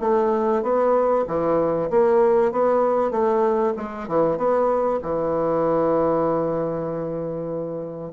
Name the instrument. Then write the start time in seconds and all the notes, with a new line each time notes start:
bassoon
0.00 A3
0.62 B3
1.27 E3
1.90 A#3
2.51 B3
3.11 A3
3.76 G#3
4.07 E3
4.37 B3
5.02 E3